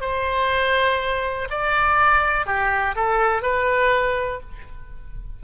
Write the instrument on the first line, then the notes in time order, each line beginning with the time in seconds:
oboe
0.00 C5
1.50 D5
2.46 G4
2.95 A4
3.42 B4